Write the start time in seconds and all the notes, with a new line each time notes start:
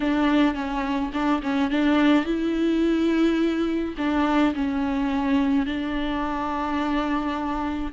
0.00 D4
0.54 C#4
1.13 D4
1.42 C#4
1.70 D4
2.25 E4
3.97 D4
4.54 C#4
5.66 D4